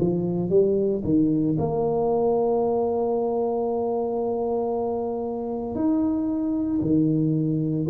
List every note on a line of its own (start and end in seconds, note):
0.00 0.50 F3
0.50 1.02 G3
1.04 1.57 D#3
1.59 5.76 A#3
5.76 6.81 D#4
6.82 7.87 D#3